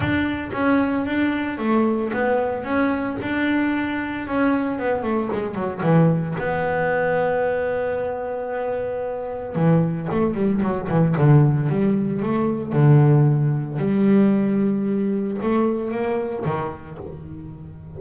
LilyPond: \new Staff \with { instrumentName = "double bass" } { \time 4/4 \tempo 4 = 113 d'4 cis'4 d'4 a4 | b4 cis'4 d'2 | cis'4 b8 a8 gis8 fis8 e4 | b1~ |
b2 e4 a8 g8 | fis8 e8 d4 g4 a4 | d2 g2~ | g4 a4 ais4 dis4 | }